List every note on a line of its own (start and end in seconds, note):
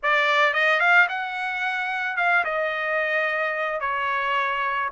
0.02 0.53 D5
0.53 0.80 D#5
0.80 1.07 F5
1.08 2.16 F#5
2.16 2.44 F5
2.44 3.80 D#5
3.80 4.89 C#5